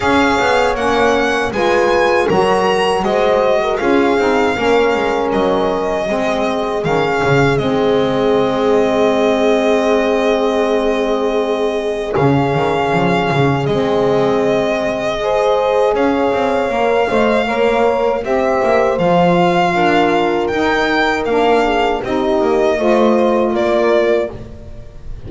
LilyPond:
<<
  \new Staff \with { instrumentName = "violin" } { \time 4/4 \tempo 4 = 79 f''4 fis''4 gis''4 ais''4 | dis''4 f''2 dis''4~ | dis''4 f''4 dis''2~ | dis''1 |
f''2 dis''2~ | dis''4 f''2. | e''4 f''2 g''4 | f''4 dis''2 d''4 | }
  \new Staff \with { instrumentName = "horn" } { \time 4/4 cis''2 b'4 ais'4 | c''8. ais'16 gis'4 ais'2 | gis'1~ | gis'1~ |
gis'1 | c''4 cis''4. dis''8 cis''4 | c''2 ais'2~ | ais'8 gis'8 g'4 c''4 ais'4 | }
  \new Staff \with { instrumentName = "saxophone" } { \time 4/4 gis'4 cis'4 f'4 fis'4~ | fis'4 f'8 dis'8 cis'2 | c'4 cis'4 c'2~ | c'1 |
cis'2 c'2 | gis'2 ais'8 c''8 ais'4 | g'4 f'2 dis'4 | d'4 dis'4 f'2 | }
  \new Staff \with { instrumentName = "double bass" } { \time 4/4 cis'8 b8 ais4 gis4 fis4 | gis4 cis'8 c'8 ais8 gis8 fis4 | gis4 dis8 cis8 gis2~ | gis1 |
cis8 dis8 f8 cis8 gis2~ | gis4 cis'8 c'8 ais8 a8 ais4 | c'8 ais8 f4 d'4 dis'4 | ais4 c'8 ais8 a4 ais4 | }
>>